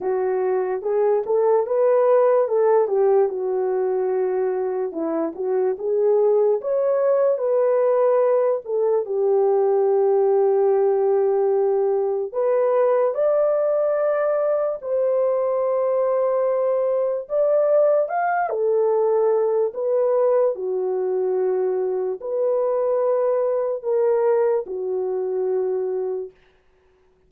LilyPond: \new Staff \with { instrumentName = "horn" } { \time 4/4 \tempo 4 = 73 fis'4 gis'8 a'8 b'4 a'8 g'8 | fis'2 e'8 fis'8 gis'4 | cis''4 b'4. a'8 g'4~ | g'2. b'4 |
d''2 c''2~ | c''4 d''4 f''8 a'4. | b'4 fis'2 b'4~ | b'4 ais'4 fis'2 | }